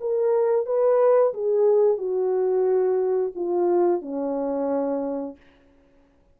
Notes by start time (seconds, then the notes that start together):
0.00 A#4
0.66 B4
1.34 G#4
1.97 F#4
3.35 F4
4.01 C#4